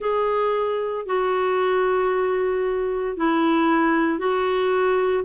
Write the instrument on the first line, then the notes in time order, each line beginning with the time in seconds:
clarinet
0.00 G#4
1.06 F#4
3.16 E4
4.18 F#4